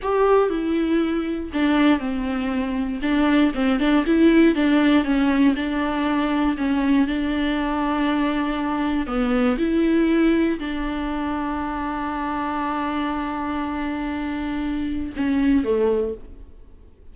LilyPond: \new Staff \with { instrumentName = "viola" } { \time 4/4 \tempo 4 = 119 g'4 e'2 d'4 | c'2 d'4 c'8 d'8 | e'4 d'4 cis'4 d'4~ | d'4 cis'4 d'2~ |
d'2 b4 e'4~ | e'4 d'2.~ | d'1~ | d'2 cis'4 a4 | }